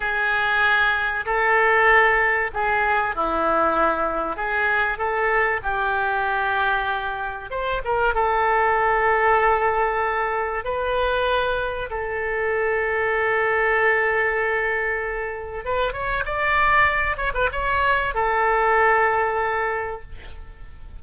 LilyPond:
\new Staff \with { instrumentName = "oboe" } { \time 4/4 \tempo 4 = 96 gis'2 a'2 | gis'4 e'2 gis'4 | a'4 g'2. | c''8 ais'8 a'2.~ |
a'4 b'2 a'4~ | a'1~ | a'4 b'8 cis''8 d''4. cis''16 b'16 | cis''4 a'2. | }